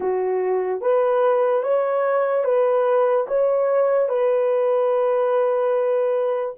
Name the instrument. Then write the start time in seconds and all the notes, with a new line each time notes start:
horn
0.00 F#4
0.81 B4
1.62 C#5
2.44 B4
3.27 C#5
4.08 B4